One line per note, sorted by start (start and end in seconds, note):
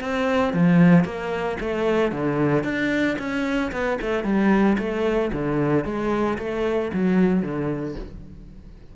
0.00 0.53 C4
0.53 1.05 F3
1.05 1.58 A#3
1.60 2.12 A3
2.12 2.64 D3
2.64 3.17 D4
3.18 3.71 C#4
3.72 3.98 B3
4.01 4.24 A3
4.24 4.77 G3
4.78 5.31 A3
5.32 5.85 D3
5.85 6.38 G#3
6.38 6.91 A3
6.93 7.42 F#3
7.42 7.95 D3